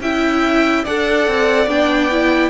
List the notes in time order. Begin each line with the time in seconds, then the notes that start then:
0.00 C#4 E4 E5 G5
0.84 D4 A4 D5 F#5
1.27 C4
1.66 B3 D4 G5
2.10 E4